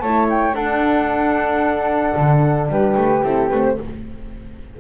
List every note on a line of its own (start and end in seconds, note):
0.00 0.55 A3
0.00 0.54 E4
0.00 0.55 C#5
0.00 0.27 A5
0.30 0.55 G5
0.54 3.22 D4
0.54 2.15 D4
0.54 2.70 A4
0.54 2.69 F#5
2.17 2.69 D3
2.69 2.96 G3
2.69 3.77 G4
2.69 3.24 B4
2.97 3.24 A3
3.24 3.51 C4
3.24 3.51 E4
3.24 3.49 A4
3.49 3.78 A3
3.49 3.80 C4
3.49 3.63 B4
3.65 3.79 C5